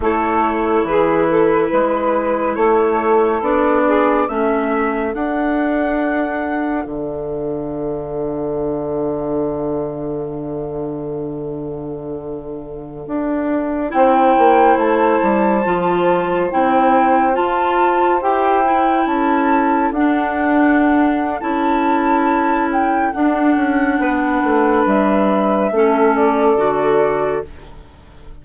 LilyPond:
<<
  \new Staff \with { instrumentName = "flute" } { \time 4/4 \tempo 4 = 70 cis''4 b'2 cis''4 | d''4 e''4 fis''2 | f''1~ | f''1~ |
f''16 g''4 a''2 g''8.~ | g''16 a''4 g''4 a''4 fis''8.~ | fis''4 a''4. g''8 fis''4~ | fis''4 e''4. d''4. | }
  \new Staff \with { instrumentName = "saxophone" } { \time 4/4 a'4 gis'8 a'8 b'4 a'4~ | a'8 gis'8 a'2.~ | a'1~ | a'1~ |
a'16 c''2.~ c''8.~ | c''2~ c''16 a'4.~ a'16~ | a'1 | b'2 a'2 | }
  \new Staff \with { instrumentName = "clarinet" } { \time 4/4 e'1 | d'4 cis'4 d'2~ | d'1~ | d'1~ |
d'16 e'2 f'4 e'8.~ | e'16 f'4 g'8 e'4. d'8.~ | d'4 e'2 d'4~ | d'2 cis'4 fis'4 | }
  \new Staff \with { instrumentName = "bassoon" } { \time 4/4 a4 e4 gis4 a4 | b4 a4 d'2 | d1~ | d2.~ d16 d'8.~ |
d'16 c'8 ais8 a8 g8 f4 c'8.~ | c'16 f'4 e'4 cis'4 d'8.~ | d'4 cis'2 d'8 cis'8 | b8 a8 g4 a4 d4 | }
>>